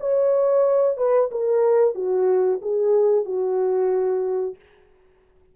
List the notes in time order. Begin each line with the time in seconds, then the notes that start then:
0.00 C#5
0.97 B4
1.31 A#4
1.95 F#4
2.62 G#4
3.25 F#4